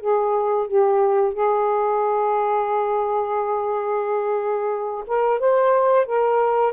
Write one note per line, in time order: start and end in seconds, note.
0.00 0.67 G#4
0.67 1.33 G4
1.33 5.04 G#4
5.07 5.39 A#4
5.39 6.06 C5
6.06 6.73 A#4